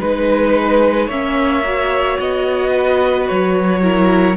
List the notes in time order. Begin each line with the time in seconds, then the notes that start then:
0.00 G#3 D#4 B4
1.06 A#3 C#4 C#5 E5
1.64 F#4
2.19 B3 D#5
2.71 B4
3.28 F#3 C#5
3.82 E4 A#4